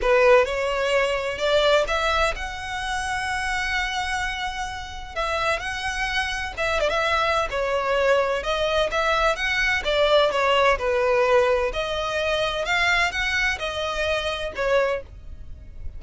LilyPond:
\new Staff \with { instrumentName = "violin" } { \time 4/4 \tempo 4 = 128 b'4 cis''2 d''4 | e''4 fis''2.~ | fis''2. e''4 | fis''2 e''8 d''16 e''4~ e''16 |
cis''2 dis''4 e''4 | fis''4 d''4 cis''4 b'4~ | b'4 dis''2 f''4 | fis''4 dis''2 cis''4 | }